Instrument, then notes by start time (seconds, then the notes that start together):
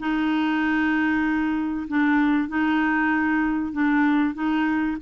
clarinet
0.00 D#4
1.88 D4
2.49 D#4
3.73 D4
4.35 D#4